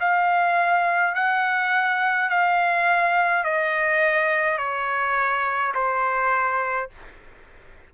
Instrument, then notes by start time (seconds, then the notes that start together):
trumpet
0.00 F5
1.15 F#5
2.30 F5
3.44 D#5
4.58 C#5
5.74 C5